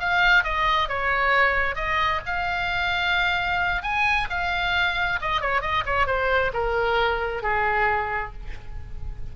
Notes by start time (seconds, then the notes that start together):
0.00 F5
0.44 D#5
0.89 C#5
1.76 D#5
2.26 F5
3.83 G#5
4.30 F5
5.21 D#5
5.41 C#5
5.61 D#5
5.86 C#5
6.07 C5
6.54 A#4
7.43 G#4